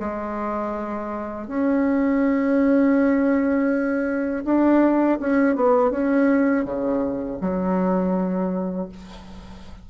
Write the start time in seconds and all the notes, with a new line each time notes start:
0.00 G#3
1.47 C#4
4.45 D4
5.20 C#4
5.56 B3
5.91 C#4
6.65 C#3
7.41 F#3